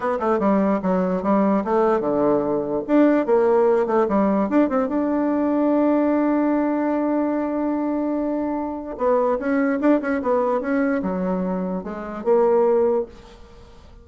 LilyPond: \new Staff \with { instrumentName = "bassoon" } { \time 4/4 \tempo 4 = 147 b8 a8 g4 fis4 g4 | a4 d2 d'4 | ais4. a8 g4 d'8 c'8 | d'1~ |
d'1~ | d'2 b4 cis'4 | d'8 cis'8 b4 cis'4 fis4~ | fis4 gis4 ais2 | }